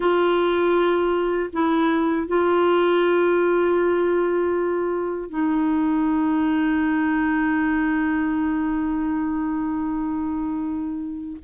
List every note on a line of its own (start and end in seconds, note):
0.00 1.50 F4
1.52 2.28 E4
2.28 5.29 F4
5.29 11.37 D#4